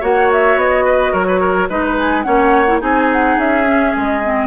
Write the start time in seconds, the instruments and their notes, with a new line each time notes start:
0.00 bassoon A#3, clarinet F#4, oboe C#5, flute F#5
0.32 flute E5
0.56 bassoon B3, flute D#5
0.84 oboe B4
1.12 bassoon F#3, oboe A#4, flute C#5
1.27 oboe B4
1.40 oboe A#4
1.69 bassoon G#3, clarinet D#4, oboe B4, flute D#5
1.83 flute B4
1.98 flute G#5
2.22 bassoon A#3, clarinet C#4, oboe C#5, flute F#5
2.66 clarinet E4
2.80 bassoon C4, clarinet D#4, oboe G#4, flute G#5
3.12 flute F#5
3.37 bassoon C#4, flute E5
3.66 clarinet C#4
3.96 bassoon G#3, flute D#5
4.23 clarinet C4